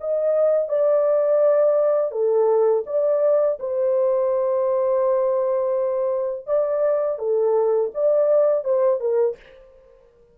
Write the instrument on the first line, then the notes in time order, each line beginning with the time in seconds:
horn
0.00 D#5
0.69 D5
2.11 A4
2.86 D5
3.59 C5
6.46 D5
7.19 A4
7.94 D5
8.64 C5
9.00 A#4